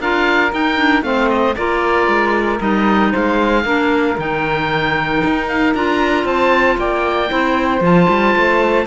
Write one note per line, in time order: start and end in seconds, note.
0.00 0.52 D4
0.00 0.51 F4
0.00 1.04 A#4
0.00 0.53 F5
0.51 0.77 D#4
0.51 1.03 D#4
0.51 1.03 G5
0.77 1.02 D4
1.02 1.55 A3
1.02 1.55 C4
1.02 1.57 C5
1.02 1.29 F5
1.30 1.56 D#5
1.56 2.08 A#3
1.56 2.59 F4
1.56 3.11 A#4
1.56 2.61 D5
2.08 2.60 G#3
2.59 3.14 G3
2.59 3.64 D#4
2.59 3.13 D#5
3.11 3.65 G#3
3.11 3.64 C5
3.11 4.19 F5
3.65 4.17 A#3
3.65 4.18 D4
3.65 6.25 A#4
4.18 5.23 D#3
4.18 5.75 D#4
4.18 5.48 G5
5.25 5.75 D#4
5.48 5.74 F5
5.75 6.25 D4
5.75 7.28 F4
5.75 6.27 A#5
6.25 6.77 C4
6.25 6.77 C5
6.25 6.79 A5
6.78 7.30 A#3
6.78 7.31 D5
6.78 7.84 G5
7.28 7.81 C4
7.28 7.81 E4
7.28 8.87 C5
7.81 8.07 F3
7.81 8.87 F4
7.81 8.87 A5
8.09 8.35 G3
8.36 8.87 A3